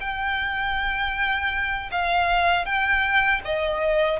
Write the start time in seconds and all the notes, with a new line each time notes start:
0.00 G5
1.91 F5
2.65 G5
3.45 D#5